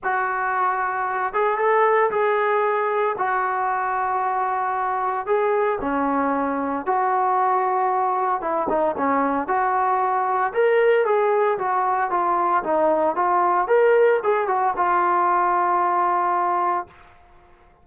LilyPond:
\new Staff \with { instrumentName = "trombone" } { \time 4/4 \tempo 4 = 114 fis'2~ fis'8 gis'8 a'4 | gis'2 fis'2~ | fis'2 gis'4 cis'4~ | cis'4 fis'2. |
e'8 dis'8 cis'4 fis'2 | ais'4 gis'4 fis'4 f'4 | dis'4 f'4 ais'4 gis'8 fis'8 | f'1 | }